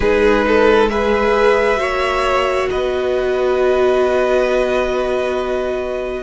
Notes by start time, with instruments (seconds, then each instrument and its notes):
0.00 cello G#3, viola D#4, violin G#4 B4
0.47 violin A4
0.89 viola G#4, violin B4 E5
1.76 cello A#3, viola F#4, violin C#5
2.70 cello B3, violin B4 D#5